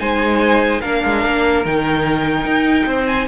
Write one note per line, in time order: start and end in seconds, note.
0.00 0.83 G#3
0.00 0.82 D#4
0.00 0.81 C5
0.00 0.82 G#5
0.81 1.04 A#3
0.81 1.66 D4
0.81 2.87 A#4
0.81 1.64 F5
1.05 1.25 G#3
1.25 1.65 A#3
1.65 2.45 D#3
1.65 3.28 D#4
1.65 3.07 G5
2.45 2.86 D#4
2.87 3.28 C4
2.87 3.28 C5
3.07 3.27 G#5